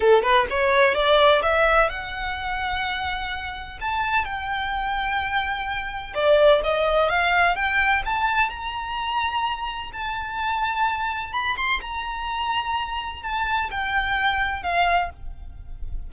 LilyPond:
\new Staff \with { instrumentName = "violin" } { \time 4/4 \tempo 4 = 127 a'8 b'8 cis''4 d''4 e''4 | fis''1 | a''4 g''2.~ | g''4 d''4 dis''4 f''4 |
g''4 a''4 ais''2~ | ais''4 a''2. | b''8 c'''8 ais''2. | a''4 g''2 f''4 | }